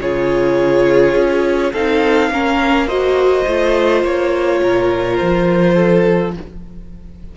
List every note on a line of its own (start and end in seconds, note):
0.00 1.15 C#3
0.00 1.74 F4
0.00 1.72 G#4
0.00 1.73 C#5
1.15 1.73 C#4
1.72 2.30 C4
1.72 2.32 D#4
1.72 2.30 A4
1.72 2.88 F5
2.30 3.45 A#3
2.30 2.87 C#4
2.30 2.87 A#4
2.87 3.45 F#4
2.87 4.60 C5
2.87 4.03 D#5
3.46 4.03 A3
3.46 6.37 F4
4.03 4.61 A#3
4.03 5.16 C#5
4.62 5.19 A#2
4.62 5.74 A#4
5.16 6.37 F3
5.16 6.32 C5
5.74 6.32 A4